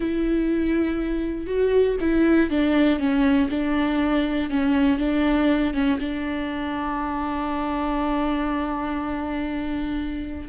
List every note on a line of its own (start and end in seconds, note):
0.00 1.46 E4
1.46 1.96 F#4
2.00 2.50 E4
2.50 2.99 D4
2.99 3.49 C#4
3.50 4.50 D4
4.50 4.98 C#4
4.98 5.73 D4
5.73 5.98 C#4
5.99 10.48 D4